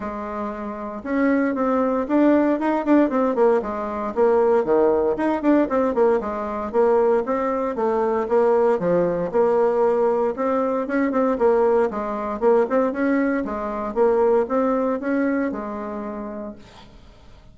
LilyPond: \new Staff \with { instrumentName = "bassoon" } { \time 4/4 \tempo 4 = 116 gis2 cis'4 c'4 | d'4 dis'8 d'8 c'8 ais8 gis4 | ais4 dis4 dis'8 d'8 c'8 ais8 | gis4 ais4 c'4 a4 |
ais4 f4 ais2 | c'4 cis'8 c'8 ais4 gis4 | ais8 c'8 cis'4 gis4 ais4 | c'4 cis'4 gis2 | }